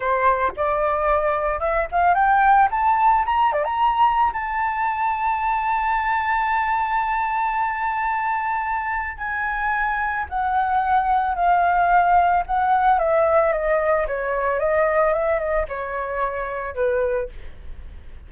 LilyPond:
\new Staff \with { instrumentName = "flute" } { \time 4/4 \tempo 4 = 111 c''4 d''2 e''8 f''8 | g''4 a''4 ais''8 d''16 ais''4~ ais''16 | a''1~ | a''1~ |
a''4 gis''2 fis''4~ | fis''4 f''2 fis''4 | e''4 dis''4 cis''4 dis''4 | e''8 dis''8 cis''2 b'4 | }